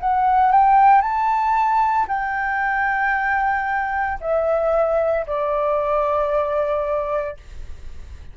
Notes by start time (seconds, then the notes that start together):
0.00 F#5
0.52 G5
1.01 A5
2.08 G5
4.21 E5
5.27 D5